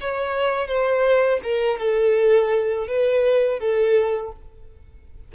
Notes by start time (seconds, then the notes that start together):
0.00 C#5
0.67 C5
1.43 A#4
1.79 A4
2.88 B4
3.59 A4